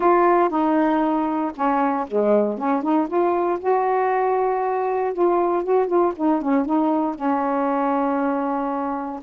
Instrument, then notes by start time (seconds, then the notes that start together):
saxophone
0.00 F4
0.49 D#4
1.55 C#4
2.07 G#3
2.58 C#4
2.82 D#4
3.07 F4
3.59 F#4
5.13 F4
5.63 F#4
5.87 F4
6.15 D#4
6.41 C#4
6.65 D#4
7.15 C#4